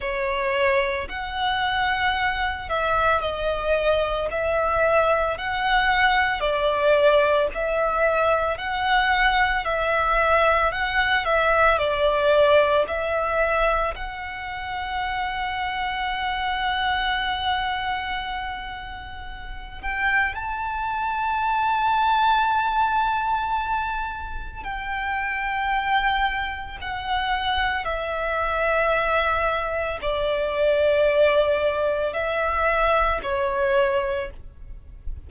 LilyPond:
\new Staff \with { instrumentName = "violin" } { \time 4/4 \tempo 4 = 56 cis''4 fis''4. e''8 dis''4 | e''4 fis''4 d''4 e''4 | fis''4 e''4 fis''8 e''8 d''4 | e''4 fis''2.~ |
fis''2~ fis''8 g''8 a''4~ | a''2. g''4~ | g''4 fis''4 e''2 | d''2 e''4 cis''4 | }